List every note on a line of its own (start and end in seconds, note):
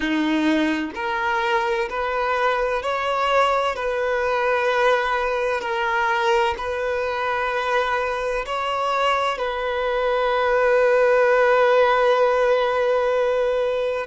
0.00 0.91 D#4
0.95 1.88 A#4
1.89 2.82 B4
2.82 3.75 C#5
3.75 5.60 B4
5.60 6.54 A#4
6.57 8.45 B4
8.45 9.37 C#5
9.37 14.06 B4